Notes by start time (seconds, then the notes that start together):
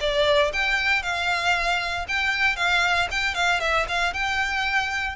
0.00 D5
0.53 G5
1.03 F5
2.08 G5
2.56 F5
3.11 G5
3.34 F5
3.60 E5
3.88 F5
4.13 G5